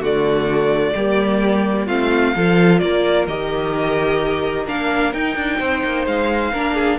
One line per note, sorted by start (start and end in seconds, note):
0.00 0.93 D3
0.00 0.95 A3
0.00 0.93 F#4
0.00 1.88 D5
0.95 1.88 G3
0.95 1.88 A#3
0.95 1.87 G4
1.87 2.35 A3
1.87 2.34 C4
1.87 2.33 F4
1.87 2.79 F5
2.35 2.82 F3
2.35 3.28 F4
2.35 2.82 A4
2.79 3.28 A#3
2.79 5.59 A#4
2.79 3.25 D5
3.28 4.67 D#3
3.28 4.67 G4
3.28 4.67 D#5
4.67 5.13 A#3
4.67 5.13 D4
4.67 5.13 F5
5.13 5.36 D#4
5.13 6.53 D#4
5.13 6.06 G5
5.36 5.59 D4
5.59 5.83 C4
5.59 6.52 C5
5.84 6.06 A#3
6.06 6.53 G#3
6.06 6.99 F5
6.52 6.99 A#3
6.52 6.99 D4
6.52 6.75 A#4
6.75 6.98 G#4